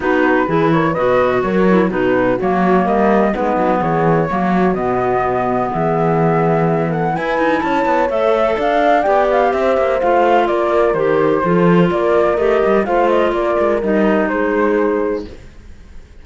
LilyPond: <<
  \new Staff \with { instrumentName = "flute" } { \time 4/4 \tempo 4 = 126 b'4. cis''8 dis''4 cis''4 | b'4 cis''4 dis''4 b'4 | cis''2 dis''2 | e''2~ e''8 fis''8 gis''4 |
a''4 e''4 f''4 g''8 f''8 | e''4 f''4 d''4 c''4~ | c''4 d''4 dis''4 f''8 dis''8 | d''4 dis''4 c''2 | }
  \new Staff \with { instrumentName = "horn" } { \time 4/4 fis'4 gis'8 ais'8 b'4 ais'4 | fis'2 ais'4 dis'4 | gis'4 fis'2. | gis'2~ gis'8 a'8 b'4 |
cis''2 d''2 | c''2 ais'2 | a'4 ais'2 c''4 | ais'2 gis'2 | }
  \new Staff \with { instrumentName = "clarinet" } { \time 4/4 dis'4 e'4 fis'4. e'8 | dis'4 ais2 b4~ | b4 ais4 b2~ | b2. e'4~ |
e'4 a'2 g'4~ | g'4 f'2 g'4 | f'2 g'4 f'4~ | f'4 dis'2. | }
  \new Staff \with { instrumentName = "cello" } { \time 4/4 b4 e4 b,4 fis4 | b,4 fis4 g4 gis8 fis8 | e4 fis4 b,2 | e2. e'8 dis'8 |
cis'8 b8 a4 d'4 b4 | c'8 ais8 a4 ais4 dis4 | f4 ais4 a8 g8 a4 | ais8 gis8 g4 gis2 | }
>>